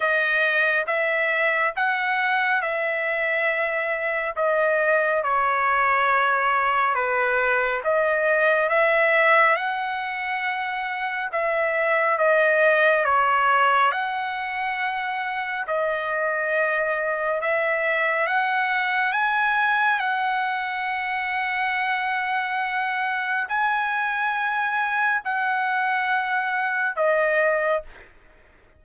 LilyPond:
\new Staff \with { instrumentName = "trumpet" } { \time 4/4 \tempo 4 = 69 dis''4 e''4 fis''4 e''4~ | e''4 dis''4 cis''2 | b'4 dis''4 e''4 fis''4~ | fis''4 e''4 dis''4 cis''4 |
fis''2 dis''2 | e''4 fis''4 gis''4 fis''4~ | fis''2. gis''4~ | gis''4 fis''2 dis''4 | }